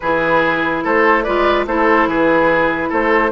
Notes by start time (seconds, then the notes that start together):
0.00 E3 E4 G#4 B4
0.84 A3 A4 C5
1.23 G#3 F4 B4 D5
1.66 A3 E4 A4 C5
2.06 E3 G#4 B4
2.89 A3 A4 C5